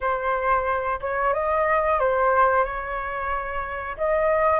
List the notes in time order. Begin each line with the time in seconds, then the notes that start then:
0.01 C5
1.00 C#5
1.33 D#5
1.99 C5
2.64 C#5
3.97 D#5